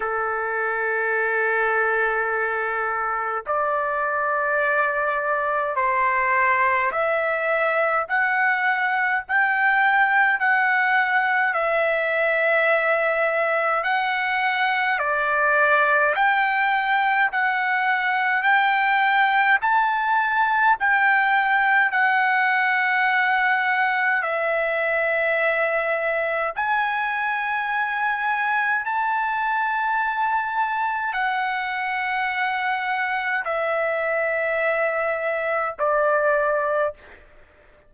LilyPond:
\new Staff \with { instrumentName = "trumpet" } { \time 4/4 \tempo 4 = 52 a'2. d''4~ | d''4 c''4 e''4 fis''4 | g''4 fis''4 e''2 | fis''4 d''4 g''4 fis''4 |
g''4 a''4 g''4 fis''4~ | fis''4 e''2 gis''4~ | gis''4 a''2 fis''4~ | fis''4 e''2 d''4 | }